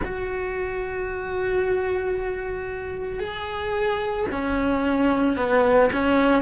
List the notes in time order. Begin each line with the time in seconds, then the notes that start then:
0.04 F#4
3.19 G#4
4.31 C#4
5.36 B3
5.92 C#4